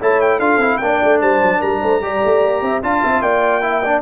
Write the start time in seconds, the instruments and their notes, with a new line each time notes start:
0.00 tuba A3, trombone E4, horn C#5, trumpet A5
0.21 trumpet G5
0.39 tuba D4, trombone F4, horn A4, trumpet F5
0.57 tuba C4, trombone E4
0.77 tuba A#3, trombone D4, trumpet G5
0.84 horn D5
1.03 tuba A3
1.21 tuba G3, horn C5, trumpet A5
1.42 tuba F#3
1.59 tuba G3, horn A#4, trumpet A#5
1.81 tuba A3, horn C5
2.01 tuba G3, trombone G4, horn D5
2.25 tuba A3
2.44 tuba A#3
2.62 tuba C4, horn E5
2.82 tuba D4, trombone F4, horn F5, trumpet A5
3.04 tuba C4, horn E5
3.21 tuba A#3, horn D5, trumpet G5
3.62 trombone E4, horn E5
3.82 trombone D4, horn D5